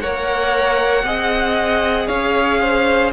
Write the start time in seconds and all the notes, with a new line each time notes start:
0.00 A#3 A#4 C#5 F#5
1.04 C4 G#4 D#5
2.07 C#4 C#5 F5
2.61 C5